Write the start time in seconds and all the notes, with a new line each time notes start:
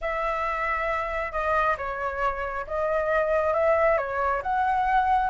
0.01 E5
1.32 D#5
1.77 C#5
2.67 D#5
3.53 E5
3.97 C#5
4.42 F#5